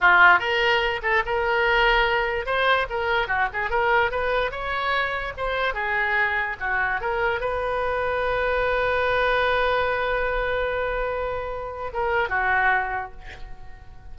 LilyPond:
\new Staff \with { instrumentName = "oboe" } { \time 4/4 \tempo 4 = 146 f'4 ais'4. a'8 ais'4~ | ais'2 c''4 ais'4 | fis'8 gis'8 ais'4 b'4 cis''4~ | cis''4 c''4 gis'2 |
fis'4 ais'4 b'2~ | b'1~ | b'1~ | b'4 ais'4 fis'2 | }